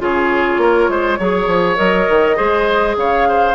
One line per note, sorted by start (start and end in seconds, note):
0.00 0.58 C#3
0.00 1.19 F4
0.00 0.62 G#4
0.00 1.77 C#5
0.58 0.87 A#3
0.58 0.91 A#4
0.89 1.19 G#3
0.89 1.19 C5
1.19 1.47 F#3
1.19 1.77 G#4
1.19 2.37 C#5
1.47 1.77 F3
1.77 2.09 F#3
1.77 2.36 A#4
1.77 2.96 D#5
2.10 2.39 D#3
2.36 2.97 G#3
2.36 3.55 G#4
2.36 2.96 C5
2.97 3.56 C#3
2.97 3.29 C#5
2.97 3.56 F5
3.29 3.56 C5